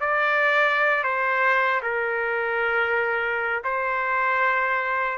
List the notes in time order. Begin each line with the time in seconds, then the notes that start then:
0.00 D5
1.03 C5
1.82 A#4
3.64 C5